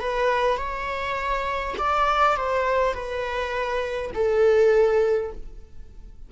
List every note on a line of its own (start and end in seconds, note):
0.00 0.58 B4
0.58 1.75 C#5
1.79 2.37 D5
2.37 2.94 C5
2.94 4.12 B4
4.14 5.32 A4